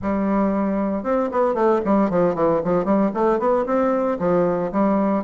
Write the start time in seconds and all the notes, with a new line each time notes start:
0.02 G3
1.03 C4
1.31 B3
1.54 A3
1.84 G3
2.10 F3
2.35 E3
2.64 F3
2.84 G3
3.14 A3
3.39 B3
3.65 C4
4.19 F3
4.72 G3